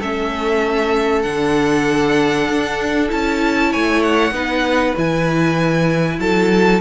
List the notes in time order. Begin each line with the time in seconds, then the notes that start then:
0.00 A3 C#4 A4 E5
1.22 D3 D4 F#5
2.49 D4
3.09 C#4 E4 A5
3.72 A3 C#5 G#5
4.03 F#5
4.32 B3 D#4 B4
4.97 E3 E4 G#5
6.19 F#3 A4 A5